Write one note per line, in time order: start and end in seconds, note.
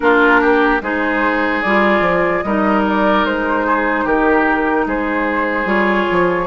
0.00 0.81 A#3
0.00 0.81 D4
0.00 0.41 F4
0.00 0.81 A#4
0.41 0.81 G4
0.81 1.62 G#3
0.81 1.64 D#4
0.81 2.44 G#4
0.81 1.61 C5
1.61 2.00 G3
1.61 2.45 F4
1.61 2.42 D5
2.00 2.41 F3
2.42 3.24 G3
2.42 5.65 D#4
2.42 3.66 A#4
2.42 2.82 D#5
2.87 3.25 D5
3.24 4.04 G#3
3.24 4.06 C5
3.66 4.04 G#4
4.04 4.85 D#3
4.04 4.85 G4
4.04 4.87 A#4
4.85 5.65 G#3
4.85 6.47 G#4
4.85 5.68 C5
5.65 6.05 G3
5.65 6.46 F4
5.65 6.47 C#5
6.10 6.47 F3